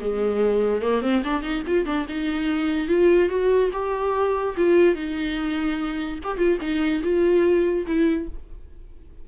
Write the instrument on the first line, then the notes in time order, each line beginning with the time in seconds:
viola
0.00 G#3
0.82 A#3
1.02 C4
1.24 D4
1.42 D#4
1.67 F4
1.85 D4
2.08 D#4
2.88 F4
3.29 F#4
3.72 G4
4.57 F4
4.95 D#4
6.23 G4
6.38 F4
6.61 D#4
7.03 F4
7.86 E4